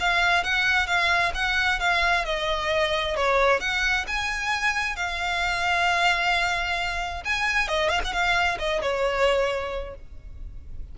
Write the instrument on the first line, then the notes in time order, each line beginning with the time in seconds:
violin
0.00 F5
0.44 F#5
0.87 F5
1.35 F#5
1.80 F5
2.25 D#5
3.16 C#5
3.60 F#5
4.07 G#5
4.96 F5
7.25 G#5
7.68 D#5
7.89 F5
8.04 F#5
8.13 F5
8.59 D#5
8.82 C#5